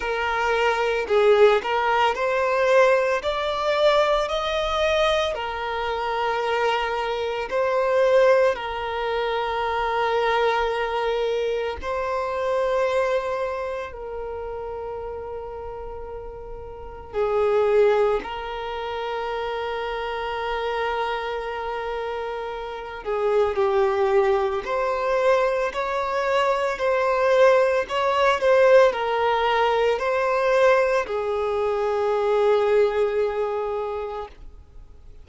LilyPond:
\new Staff \with { instrumentName = "violin" } { \time 4/4 \tempo 4 = 56 ais'4 gis'8 ais'8 c''4 d''4 | dis''4 ais'2 c''4 | ais'2. c''4~ | c''4 ais'2. |
gis'4 ais'2.~ | ais'4. gis'8 g'4 c''4 | cis''4 c''4 cis''8 c''8 ais'4 | c''4 gis'2. | }